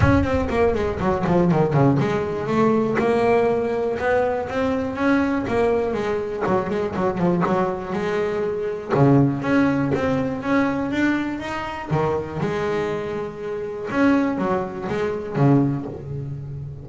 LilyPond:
\new Staff \with { instrumentName = "double bass" } { \time 4/4 \tempo 4 = 121 cis'8 c'8 ais8 gis8 fis8 f8 dis8 cis8 | gis4 a4 ais2 | b4 c'4 cis'4 ais4 | gis4 fis8 gis8 fis8 f8 fis4 |
gis2 cis4 cis'4 | c'4 cis'4 d'4 dis'4 | dis4 gis2. | cis'4 fis4 gis4 cis4 | }